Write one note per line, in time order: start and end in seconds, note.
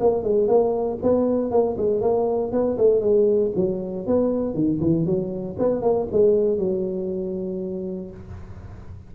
0.00 0.23 A#3
0.23 0.48 G#3
0.48 0.98 A#3
1.02 1.50 B3
1.50 1.76 A#3
1.77 2.01 G#3
2.01 2.51 A#3
2.51 2.77 B3
2.78 3.00 A3
3.00 3.51 G#3
3.55 4.06 F#3
4.06 4.54 B3
4.54 4.79 D#3
4.80 5.05 E3
5.05 5.56 F#3
5.58 5.82 B3
5.82 6.07 A#3
6.12 6.58 G#3
6.58 8.10 F#3